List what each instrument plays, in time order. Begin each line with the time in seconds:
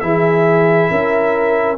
0.00 tuba E3, trombone E4, horn G#4, trumpet E5
0.90 tuba C#4, horn A#4